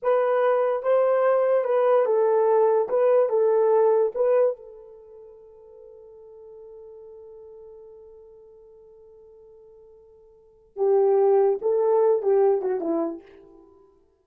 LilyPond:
\new Staff \with { instrumentName = "horn" } { \time 4/4 \tempo 4 = 145 b'2 c''2 | b'4 a'2 b'4 | a'2 b'4 a'4~ | a'1~ |
a'1~ | a'1~ | a'2 g'2 | a'4. g'4 fis'8 e'4 | }